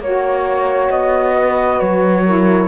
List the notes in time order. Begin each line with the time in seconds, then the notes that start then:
0.00 A#3 F#4 C#5
0.91 B3 D#5
1.36 B4
1.80 F#3 C#5
2.26 E4 A#4